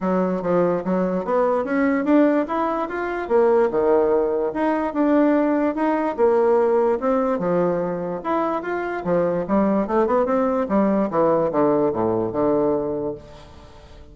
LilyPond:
\new Staff \with { instrumentName = "bassoon" } { \time 4/4 \tempo 4 = 146 fis4 f4 fis4 b4 | cis'4 d'4 e'4 f'4 | ais4 dis2 dis'4 | d'2 dis'4 ais4~ |
ais4 c'4 f2 | e'4 f'4 f4 g4 | a8 b8 c'4 g4 e4 | d4 a,4 d2 | }